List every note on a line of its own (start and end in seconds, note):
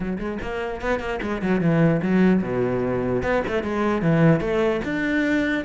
0.00 0.17 F#3
0.18 0.38 G#3
0.41 0.81 A#3
0.81 0.99 B3
0.99 1.19 A#3
1.22 1.41 G#3
1.41 1.61 F#3
1.61 2.01 E3
2.01 2.42 F#3
2.42 3.22 B2
3.22 3.42 B3
3.47 3.63 A3
3.63 4.02 G#3
4.02 4.40 E3
4.40 4.80 A3
4.84 5.64 D4